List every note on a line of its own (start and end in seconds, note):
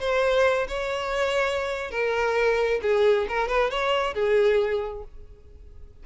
0.00 0.67 C5
0.68 1.91 C#5
1.91 2.80 A#4
2.82 3.27 G#4
3.28 3.48 A#4
3.48 3.70 B4
3.70 4.14 C#5
4.14 5.04 G#4